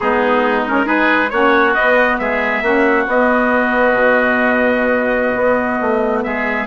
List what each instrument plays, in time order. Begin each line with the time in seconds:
0.00 bassoon G#3, saxophone B3, oboe D#4, trumpet G#4
0.67 saxophone C#4, trumpet A#4
0.84 saxophone D#4, oboe G#4, trumpet B4
1.30 bassoon A#3, saxophone C#4, oboe F#4, trumpet C#5
1.74 bassoon B3, saxophone B3, trumpet D#5
2.18 bassoon G#3, oboe G#4, trumpet E5
2.61 bassoon A#3, saxophone C#4, oboe F#4
3.07 bassoon B3, saxophone B3, trumpet D#5
3.92 bassoon B2
5.35 bassoon B3
5.80 bassoon A3
6.23 bassoon G#3, oboe G#4, trumpet E5